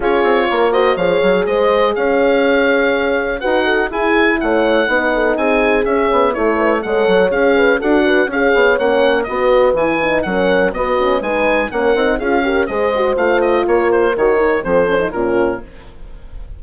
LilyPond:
<<
  \new Staff \with { instrumentName = "oboe" } { \time 4/4 \tempo 4 = 123 cis''4. dis''8 f''4 dis''4 | f''2. fis''4 | gis''4 fis''2 gis''4 | e''4 cis''4 fis''4 f''4 |
fis''4 f''4 fis''4 dis''4 | gis''4 fis''4 dis''4 gis''4 | fis''4 f''4 dis''4 f''8 dis''8 | cis''8 c''8 cis''4 c''4 ais'4 | }
  \new Staff \with { instrumentName = "horn" } { \time 4/4 gis'4 ais'8 c''8 cis''4 c''4 | cis''2. b'8 a'8 | gis'4 cis''4 b'8 a'8 gis'4~ | gis'4 a'8 b'8 cis''4. b'8 |
a'8 b'8 cis''2 b'4~ | b'4 ais'4 fis'4 b'4 | ais'4 gis'8 ais'8 c''2 | ais'2 a'4 f'4 | }
  \new Staff \with { instrumentName = "horn" } { \time 4/4 f'4. fis'8 gis'2~ | gis'2. fis'4 | e'2 dis'2 | cis'4 e'4 a'4 gis'4 |
fis'4 gis'4 cis'4 fis'4 | e'8 dis'8 cis'4 b8 cis'8 dis'4 | cis'8 dis'8 f'8 g'8 gis'8 fis'8 f'4~ | f'4 fis'8 dis'8 c'8 cis'16 dis'16 cis'4 | }
  \new Staff \with { instrumentName = "bassoon" } { \time 4/4 cis'8 c'8 ais4 f8 fis8 gis4 | cis'2. dis'4 | e'4 a4 b4 c'4 | cis'8 b8 a4 gis8 fis8 cis'4 |
d'4 cis'8 b8 ais4 b4 | e4 fis4 b4 gis4 | ais8 c'8 cis'4 gis4 a4 | ais4 dis4 f4 ais,4 | }
>>